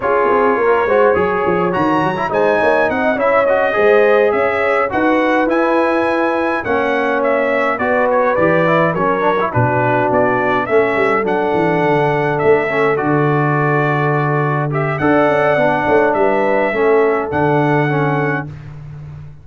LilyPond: <<
  \new Staff \with { instrumentName = "trumpet" } { \time 4/4 \tempo 4 = 104 cis''2. ais''4 | gis''4 fis''8 e''8 dis''4. e''8~ | e''8 fis''4 gis''2 fis''8~ | fis''8 e''4 d''8 cis''8 d''4 cis''8~ |
cis''8 b'4 d''4 e''4 fis''8~ | fis''4. e''4 d''4.~ | d''4. e''8 fis''2 | e''2 fis''2 | }
  \new Staff \with { instrumentName = "horn" } { \time 4/4 gis'4 ais'8 c''8 cis''2 | c''8 cis''8 dis''8 cis''4 c''4 cis''8~ | cis''8 b'2. cis''8~ | cis''4. b'2 ais'8~ |
ais'8 fis'2 a'4.~ | a'1~ | a'2 d''4. cis''8 | b'4 a'2. | }
  \new Staff \with { instrumentName = "trombone" } { \time 4/4 f'4. fis'8 gis'4 fis'8. e'16 | dis'4. e'8 fis'8 gis'4.~ | gis'8 fis'4 e'2 cis'8~ | cis'4. fis'4 g'8 e'8 cis'8 |
d'16 e'16 d'2 cis'4 d'8~ | d'2 cis'8 fis'4.~ | fis'4. g'8 a'4 d'4~ | d'4 cis'4 d'4 cis'4 | }
  \new Staff \with { instrumentName = "tuba" } { \time 4/4 cis'8 c'8 ais8 gis8 fis8 f8 dis8 fis8 | gis8 ais8 c'8 cis'4 gis4 cis'8~ | cis'8 dis'4 e'2 ais8~ | ais4. b4 e4 fis8~ |
fis8 b,4 b4 a8 g8 fis8 | e8 d4 a4 d4.~ | d2 d'8 cis'8 b8 a8 | g4 a4 d2 | }
>>